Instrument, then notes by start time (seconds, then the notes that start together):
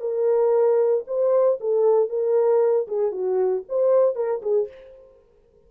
horn
0.00 A#4
1.07 C5
1.60 A4
2.09 A#4
2.87 G#4
3.11 F#4
3.68 C5
4.15 A#4
4.42 G#4